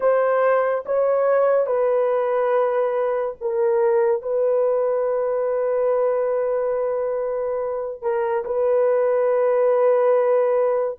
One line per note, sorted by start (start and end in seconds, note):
0.00 0.84 C5
0.85 1.66 C#5
1.66 3.35 B4
3.40 4.22 A#4
4.22 8.01 B4
8.01 8.44 A#4
8.44 10.98 B4